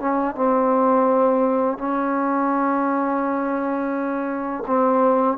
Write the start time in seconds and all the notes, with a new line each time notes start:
0.00 C#4
0.35 C4
1.78 C#4
4.67 C4